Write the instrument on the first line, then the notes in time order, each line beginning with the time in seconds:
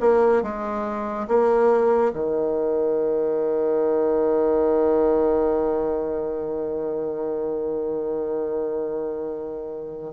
bassoon
0.00 A#3
0.43 G#3
1.28 A#3
2.13 D#3